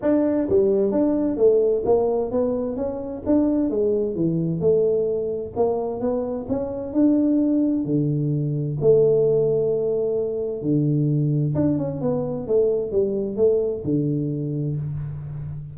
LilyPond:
\new Staff \with { instrumentName = "tuba" } { \time 4/4 \tempo 4 = 130 d'4 g4 d'4 a4 | ais4 b4 cis'4 d'4 | gis4 e4 a2 | ais4 b4 cis'4 d'4~ |
d'4 d2 a4~ | a2. d4~ | d4 d'8 cis'8 b4 a4 | g4 a4 d2 | }